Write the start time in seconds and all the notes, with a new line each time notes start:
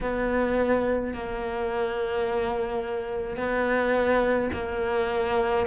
0.01 B3
1.13 A#3
3.37 B3
4.53 A#3